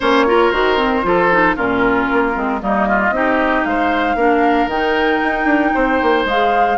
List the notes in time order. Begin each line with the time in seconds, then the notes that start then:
0.00 A#3 C#4 C5 C#5
0.27 F4 A#4
0.51 D#3 F#4 C5
0.77 C4
1.03 F3 F4 A4
1.31 D#4
1.55 A#2 C#4 F4 A#4
2.12 A#3
2.34 G#3 C4
2.60 G3 A#3 D#4 D#5
2.87 F4
3.10 C4 D#4 G4
3.64 G#3 C5 F5
4.15 A#3 D4 A#4
4.67 D#3 D#4 G5
5.23 D#4
5.45 D4
5.74 C4 C5
6.02 A#3
6.25 G#3 G#4 F5